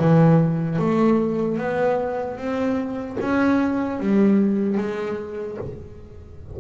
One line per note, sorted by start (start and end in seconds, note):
0.00 0.79 E3
0.79 1.58 A3
1.58 2.37 B3
2.37 3.17 C4
3.21 4.00 C#4
4.00 4.78 G3
4.78 5.58 G#3